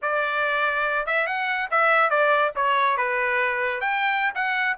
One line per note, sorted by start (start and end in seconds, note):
0.02 1.06 D5
1.06 1.26 E5
1.26 1.69 F#5
1.71 2.10 E5
2.10 2.52 D5
2.55 2.97 C#5
2.97 3.80 B4
3.80 4.33 G5
4.35 4.77 F#5